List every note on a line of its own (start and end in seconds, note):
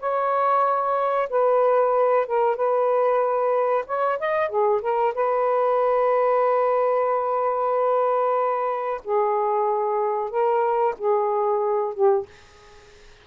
0.00 1.29 C#5
1.30 2.27 B4
2.27 2.56 A#4
2.56 3.85 B4
3.87 4.19 C#5
4.20 4.49 D#5
4.49 4.82 G#4
4.82 5.14 A#4
5.15 9.02 B4
9.05 10.30 G#4
10.30 10.95 A#4
10.98 11.94 G#4
11.94 12.26 G4